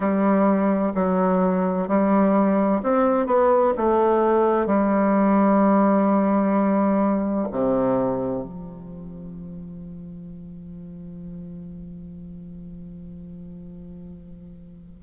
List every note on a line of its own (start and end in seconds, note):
0.00 0.92 G3
0.95 1.87 F#3
1.87 2.81 G3
2.82 3.26 C4
3.26 3.73 B3
3.77 4.66 A3
4.66 7.47 G3
7.51 8.43 C3
8.43 14.99 F3